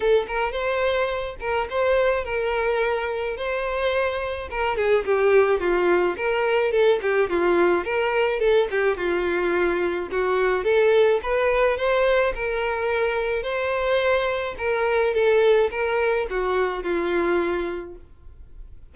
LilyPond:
\new Staff \with { instrumentName = "violin" } { \time 4/4 \tempo 4 = 107 a'8 ais'8 c''4. ais'8 c''4 | ais'2 c''2 | ais'8 gis'8 g'4 f'4 ais'4 | a'8 g'8 f'4 ais'4 a'8 g'8 |
f'2 fis'4 a'4 | b'4 c''4 ais'2 | c''2 ais'4 a'4 | ais'4 fis'4 f'2 | }